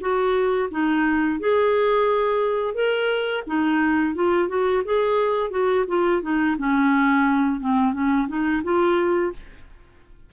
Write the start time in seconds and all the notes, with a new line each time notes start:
0.00 F#4
0.71 D#4
1.39 G#4
2.74 A#4
3.46 D#4
4.15 F4
4.48 F#4
4.84 G#4
5.50 F#4
5.87 F4
6.22 D#4
6.58 C#4
7.60 C4
7.93 C#4
8.28 D#4
8.63 F4